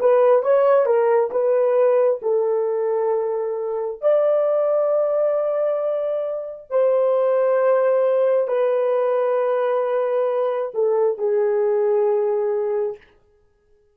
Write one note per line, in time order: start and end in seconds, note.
0.00 0.42 B4
0.42 0.85 C#5
0.85 1.30 A#4
1.31 2.21 B4
2.22 4.01 A4
4.01 6.70 D5
6.70 8.48 C5
8.48 10.72 B4
10.74 11.18 A4
11.18 12.97 G#4